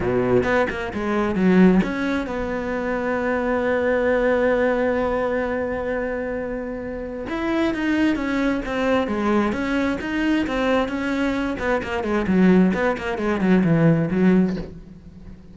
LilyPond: \new Staff \with { instrumentName = "cello" } { \time 4/4 \tempo 4 = 132 b,4 b8 ais8 gis4 fis4 | cis'4 b2.~ | b1~ | b1 |
e'4 dis'4 cis'4 c'4 | gis4 cis'4 dis'4 c'4 | cis'4. b8 ais8 gis8 fis4 | b8 ais8 gis8 fis8 e4 fis4 | }